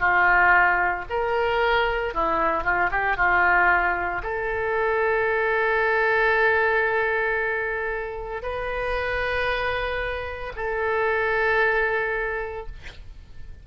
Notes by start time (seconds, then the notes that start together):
0.00 F4
1.10 A#4
2.14 E4
2.64 F4
2.91 G4
3.17 F4
4.23 A4
8.43 B4
10.56 A4